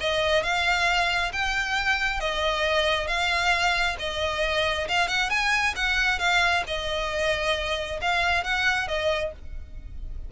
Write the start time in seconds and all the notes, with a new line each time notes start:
0.00 D#5
0.42 F5
1.32 G5
2.20 D#5
3.07 F5
3.99 D#5
4.88 F5
5.07 F#5
5.29 G#5
5.76 F#5
6.19 F5
6.66 D#5
8.01 F5
8.44 F#5
8.87 D#5